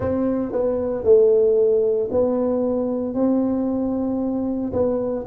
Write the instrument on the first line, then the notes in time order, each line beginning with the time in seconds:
tuba
0.00 C4
0.52 B3
1.03 A3
2.11 B3
3.14 C4
4.73 B3